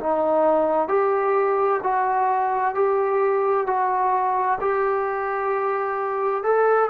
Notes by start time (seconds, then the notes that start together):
0.00 D#4
0.88 G4
1.83 F#4
2.75 G4
3.66 F#4
4.60 G4
6.43 A4